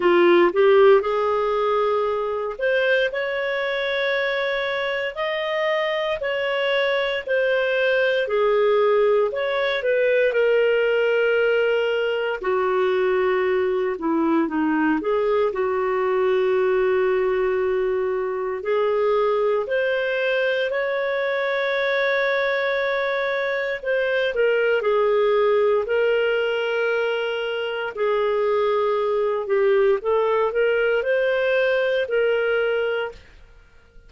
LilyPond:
\new Staff \with { instrumentName = "clarinet" } { \time 4/4 \tempo 4 = 58 f'8 g'8 gis'4. c''8 cis''4~ | cis''4 dis''4 cis''4 c''4 | gis'4 cis''8 b'8 ais'2 | fis'4. e'8 dis'8 gis'8 fis'4~ |
fis'2 gis'4 c''4 | cis''2. c''8 ais'8 | gis'4 ais'2 gis'4~ | gis'8 g'8 a'8 ais'8 c''4 ais'4 | }